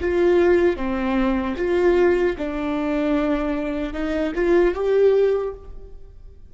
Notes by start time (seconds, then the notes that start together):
0.00 F4
0.76 C4
1.57 F4
2.37 D4
3.93 D#4
4.35 F4
4.74 G4